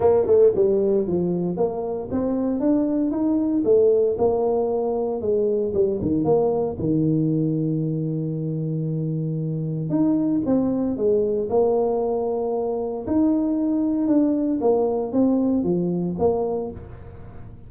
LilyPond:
\new Staff \with { instrumentName = "tuba" } { \time 4/4 \tempo 4 = 115 ais8 a8 g4 f4 ais4 | c'4 d'4 dis'4 a4 | ais2 gis4 g8 dis8 | ais4 dis2.~ |
dis2. dis'4 | c'4 gis4 ais2~ | ais4 dis'2 d'4 | ais4 c'4 f4 ais4 | }